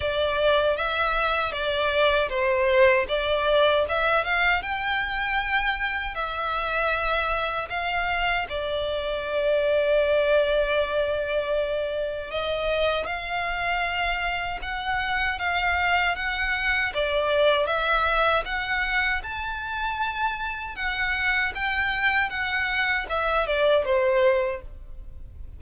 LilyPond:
\new Staff \with { instrumentName = "violin" } { \time 4/4 \tempo 4 = 78 d''4 e''4 d''4 c''4 | d''4 e''8 f''8 g''2 | e''2 f''4 d''4~ | d''1 |
dis''4 f''2 fis''4 | f''4 fis''4 d''4 e''4 | fis''4 a''2 fis''4 | g''4 fis''4 e''8 d''8 c''4 | }